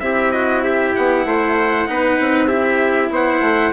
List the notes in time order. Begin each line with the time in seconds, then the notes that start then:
0.00 C4 E4 G4 E5
0.31 F#4 D#5
0.64 G4 E5
0.96 B3 F#5
1.25 A3 C5
1.87 B3 D#4 B4
2.19 C4
2.48 E4 G4 E5
3.10 B3 C5 F#5
3.40 A3